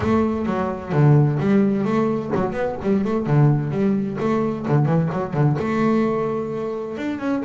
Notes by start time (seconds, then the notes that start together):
0.00 A3
0.45 F#3
0.92 D3
1.39 G3
1.84 A3
2.34 F#3
2.52 B3
2.82 G3
3.04 A3
3.26 D3
3.70 G3
4.20 A3
4.67 D3
4.85 E3
5.12 F#3
5.33 D3
5.59 A3
6.97 D4
7.19 C#4